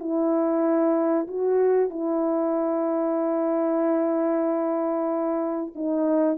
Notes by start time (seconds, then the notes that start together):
0.00 E4
1.28 F#4
1.90 E4
5.75 D#4